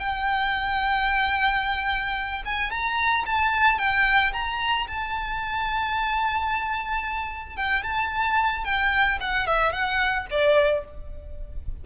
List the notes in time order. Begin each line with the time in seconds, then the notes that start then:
0.00 G5
2.46 G#5
2.71 A#5
3.27 A5
3.79 G5
4.33 A#5
4.88 A5
7.57 G5
7.84 A5
8.65 G5
9.21 F#5
9.47 E5
9.73 F#5
10.31 D5